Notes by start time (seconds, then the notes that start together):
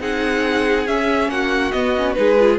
0.00 C4 D#4 G#4 F#5
0.87 C#4 E5
1.28 A#3 F#4 F#5
1.72 B3 D#5
1.97 C#4
2.13 G#3 D#4 G#4 B4
2.39 F4